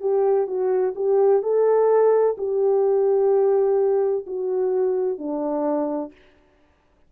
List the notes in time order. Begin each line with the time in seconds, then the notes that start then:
0.00 G4
0.46 F#4
0.95 G4
1.42 A4
2.38 G4
4.26 F#4
5.18 D4